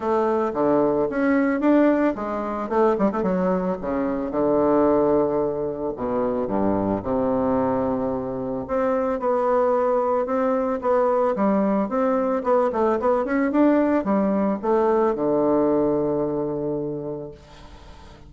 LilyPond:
\new Staff \with { instrumentName = "bassoon" } { \time 4/4 \tempo 4 = 111 a4 d4 cis'4 d'4 | gis4 a8 g16 a16 fis4 cis4 | d2. b,4 | g,4 c2. |
c'4 b2 c'4 | b4 g4 c'4 b8 a8 | b8 cis'8 d'4 g4 a4 | d1 | }